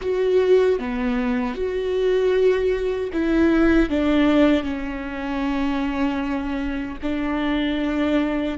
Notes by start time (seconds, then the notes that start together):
0.01 F#4
0.79 B3
1.54 F#4
3.12 E4
3.89 D4
4.63 C#4
7.02 D4